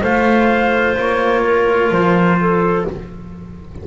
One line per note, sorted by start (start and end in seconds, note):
0.00 0.97 A3
0.00 2.84 F4
0.00 1.41 C5
0.00 0.97 F5
0.98 1.91 A#3
0.98 1.93 C#5
1.44 2.38 A#4
1.91 2.85 F3
1.91 2.86 C5
2.40 2.87 A4